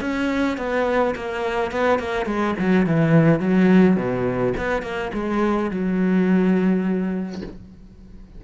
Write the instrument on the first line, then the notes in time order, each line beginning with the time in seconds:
cello
0.00 C#4
0.57 B3
1.15 A#3
1.71 B3
1.99 A#3
2.25 G#3
2.59 F#3
2.86 E3
3.39 F#3
3.96 B2
4.57 B3
4.82 A#3
5.13 G#3
5.70 F#3